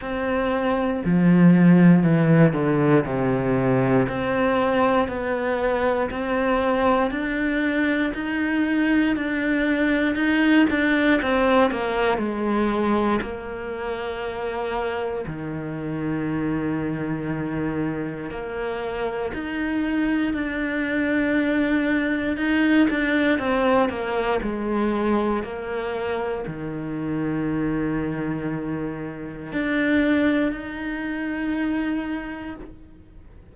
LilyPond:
\new Staff \with { instrumentName = "cello" } { \time 4/4 \tempo 4 = 59 c'4 f4 e8 d8 c4 | c'4 b4 c'4 d'4 | dis'4 d'4 dis'8 d'8 c'8 ais8 | gis4 ais2 dis4~ |
dis2 ais4 dis'4 | d'2 dis'8 d'8 c'8 ais8 | gis4 ais4 dis2~ | dis4 d'4 dis'2 | }